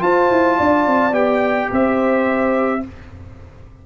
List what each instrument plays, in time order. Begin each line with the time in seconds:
0.00 trombone F4, tuba F4, horn C5, trumpet A5
0.31 tuba E4
0.58 tuba D4, horn D5
0.87 tuba C4
1.12 tuba B3, trombone G4, trumpet G5
1.71 tuba C4, horn C5, trumpet E5